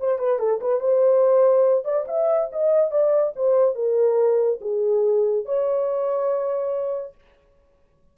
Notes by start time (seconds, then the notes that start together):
0.00 C5
0.19 B4
0.39 A4
0.61 B4
0.80 C5
1.85 D5
2.08 E5
2.52 D#5
2.91 D5
3.36 C5
3.75 A#4
4.61 G#4
5.46 C#5